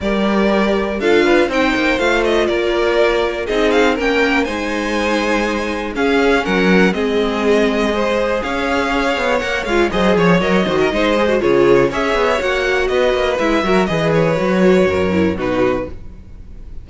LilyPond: <<
  \new Staff \with { instrumentName = "violin" } { \time 4/4 \tempo 4 = 121 d''2 f''4 g''4 | f''8 dis''8 d''2 dis''8 f''8 | g''4 gis''2. | f''4 fis''4 dis''2~ |
dis''4 f''2 fis''8 f''8 | dis''8 cis''8 dis''2 cis''4 | e''4 fis''4 dis''4 e''4 | dis''8 cis''2~ cis''8 b'4 | }
  \new Staff \with { instrumentName = "violin" } { \time 4/4 ais'2 a'8 b'8 c''4~ | c''4 ais'2 gis'4 | ais'4 c''2. | gis'4 ais'4 gis'2 |
c''4 cis''2. | c''8 cis''4 c''16 ais'16 c''4 gis'4 | cis''2 b'4. ais'8 | b'2 ais'4 fis'4 | }
  \new Staff \with { instrumentName = "viola" } { \time 4/4 g'2 f'4 dis'4 | f'2. dis'4 | cis'4 dis'2. | cis'2 c'2 |
gis'2. ais'8 f'8 | gis'4 ais'8 fis'8 dis'8 gis'16 fis'16 f'4 | gis'4 fis'2 e'8 fis'8 | gis'4 fis'4. e'8 dis'4 | }
  \new Staff \with { instrumentName = "cello" } { \time 4/4 g2 d'4 c'8 ais8 | a4 ais2 c'4 | ais4 gis2. | cis'4 fis4 gis2~ |
gis4 cis'4. b8 ais8 gis8 | fis8 f8 fis8 dis8 gis4 cis4 | cis'8 b8 ais4 b8 ais8 gis8 fis8 | e4 fis4 fis,4 b,4 | }
>>